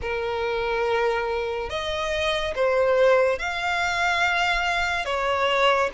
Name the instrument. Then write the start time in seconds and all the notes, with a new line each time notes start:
violin
0.01 A#4
1.69 D#5
2.55 C5
3.38 F5
5.05 C#5